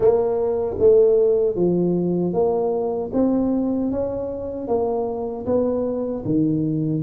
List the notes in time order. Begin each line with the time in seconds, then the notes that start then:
0.00 A#3
0.79 A3
1.55 F3
2.33 A#3
3.13 C4
3.91 C#4
4.67 A#3
5.45 B3
6.25 D#3